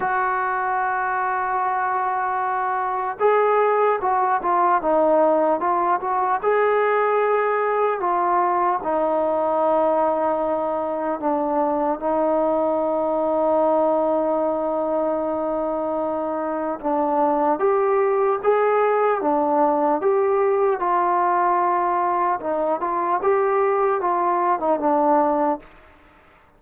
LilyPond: \new Staff \with { instrumentName = "trombone" } { \time 4/4 \tempo 4 = 75 fis'1 | gis'4 fis'8 f'8 dis'4 f'8 fis'8 | gis'2 f'4 dis'4~ | dis'2 d'4 dis'4~ |
dis'1~ | dis'4 d'4 g'4 gis'4 | d'4 g'4 f'2 | dis'8 f'8 g'4 f'8. dis'16 d'4 | }